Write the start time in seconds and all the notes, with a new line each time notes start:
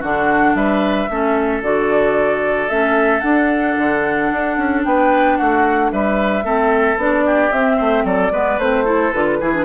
0.00 D3 D4 F#4 F#5
0.55 G3 B4 E5
1.10 A3 C#4 A4
1.62 D3 F#4 D5
2.70 A3 C#4 E5
3.21 D4 F#5
3.78 D3
4.32 D4
4.58 C#4
4.85 B3 B4 G5
5.37 A3 F#4 F#5
5.92 G3 B4 E5
6.44 A3 C4 A4
6.97 B3 D4 D5
7.26 G4
7.52 C4 E5
7.77 A3 C5
8.05 F#3 A4 D5
8.32 G#3 B3 B4
8.58 A3 C4 C5
8.85 E4 A4
9.13 D3 F4 B4
9.41 E3 E4 G#4
9.54 D4